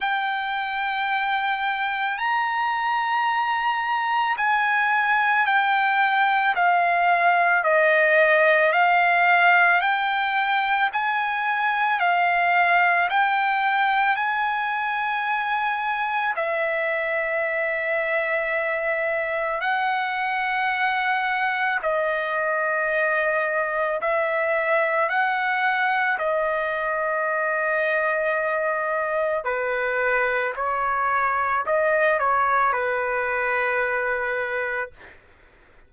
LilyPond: \new Staff \with { instrumentName = "trumpet" } { \time 4/4 \tempo 4 = 55 g''2 ais''2 | gis''4 g''4 f''4 dis''4 | f''4 g''4 gis''4 f''4 | g''4 gis''2 e''4~ |
e''2 fis''2 | dis''2 e''4 fis''4 | dis''2. b'4 | cis''4 dis''8 cis''8 b'2 | }